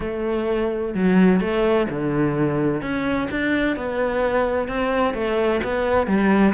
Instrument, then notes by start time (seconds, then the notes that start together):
cello
0.00 A3
0.94 F#3
1.40 A3
1.89 D3
2.81 C#4
3.30 D4
3.76 B3
4.67 C4
5.13 A3
5.63 B3
6.06 G3